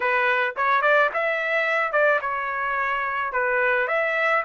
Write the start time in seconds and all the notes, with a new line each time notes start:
0.00 B4
0.56 C#5
0.81 D5
1.13 E5
1.91 D5
2.21 C#5
3.32 B4
3.87 E5